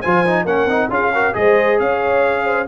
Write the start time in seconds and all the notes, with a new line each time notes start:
0.00 F3 F4 C5 G#5
0.26 D#4
0.45 A#3 C#4 A#4 F#5
0.66 C4 D#4
0.89 C#4 F4 G#4 F5
1.13 F#4 A#4
1.33 G#3 G#4 C5 D#5
1.79 C#4 C#5 F5
2.44 C5